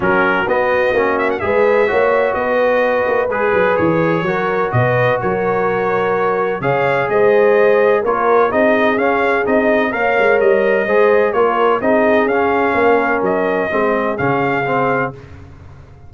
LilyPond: <<
  \new Staff \with { instrumentName = "trumpet" } { \time 4/4 \tempo 4 = 127 ais'4 dis''4. e''16 fis''16 e''4~ | e''4 dis''2 b'4 | cis''2 dis''4 cis''4~ | cis''2 f''4 dis''4~ |
dis''4 cis''4 dis''4 f''4 | dis''4 f''4 dis''2 | cis''4 dis''4 f''2 | dis''2 f''2 | }
  \new Staff \with { instrumentName = "horn" } { \time 4/4 fis'2. b'4 | cis''4 b'2.~ | b'4 ais'4 b'4 ais'4~ | ais'2 cis''4 c''4~ |
c''4 ais'4 gis'2~ | gis'4 cis''2 c''4 | ais'4 gis'2 ais'4~ | ais'4 gis'2. | }
  \new Staff \with { instrumentName = "trombone" } { \time 4/4 cis'4 b4 cis'4 gis'4 | fis'2. gis'4~ | gis'4 fis'2.~ | fis'2 gis'2~ |
gis'4 f'4 dis'4 cis'4 | dis'4 ais'2 gis'4 | f'4 dis'4 cis'2~ | cis'4 c'4 cis'4 c'4 | }
  \new Staff \with { instrumentName = "tuba" } { \time 4/4 fis4 b4 ais4 gis4 | ais4 b4. ais8 gis8 fis8 | e4 fis4 b,4 fis4~ | fis2 cis4 gis4~ |
gis4 ais4 c'4 cis'4 | c'4 ais8 gis8 g4 gis4 | ais4 c'4 cis'4 ais4 | fis4 gis4 cis2 | }
>>